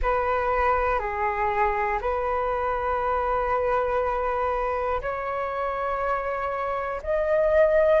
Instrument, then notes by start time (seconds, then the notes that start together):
flute
0.02 B4
0.99 G#4
2.00 B4
5.01 C#5
7.02 D#5